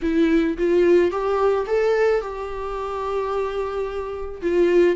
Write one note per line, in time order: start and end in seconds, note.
0.02 0.57 E4
0.57 1.11 F4
1.11 1.66 G4
1.66 2.21 A4
2.21 4.41 G4
4.42 4.95 F4